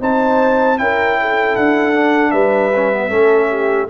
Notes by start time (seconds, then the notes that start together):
0.00 C4 D#4 C5 A5
0.78 C#4 E4 A#4 G5
1.21 A4
1.56 D4 F#5
1.94 D4
2.31 G3 B4 E5
2.75 C#4
2.92 B3
3.09 A3 C#4 A4
3.49 G4